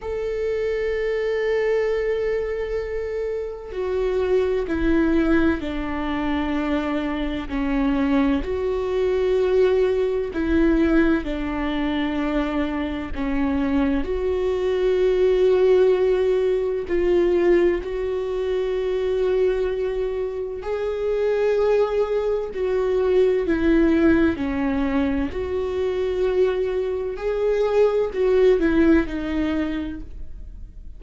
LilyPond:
\new Staff \with { instrumentName = "viola" } { \time 4/4 \tempo 4 = 64 a'1 | fis'4 e'4 d'2 | cis'4 fis'2 e'4 | d'2 cis'4 fis'4~ |
fis'2 f'4 fis'4~ | fis'2 gis'2 | fis'4 e'4 cis'4 fis'4~ | fis'4 gis'4 fis'8 e'8 dis'4 | }